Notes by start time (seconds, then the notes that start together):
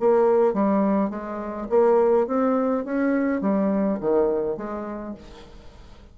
0.00 A#3
0.53 G3
1.10 G#3
1.70 A#3
2.27 C4
2.85 C#4
3.41 G3
4.00 D#3
4.57 G#3